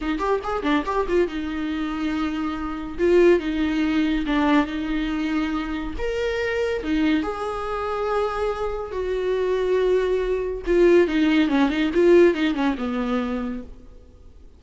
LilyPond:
\new Staff \with { instrumentName = "viola" } { \time 4/4 \tempo 4 = 141 dis'8 g'8 gis'8 d'8 g'8 f'8 dis'4~ | dis'2. f'4 | dis'2 d'4 dis'4~ | dis'2 ais'2 |
dis'4 gis'2.~ | gis'4 fis'2.~ | fis'4 f'4 dis'4 cis'8 dis'8 | f'4 dis'8 cis'8 b2 | }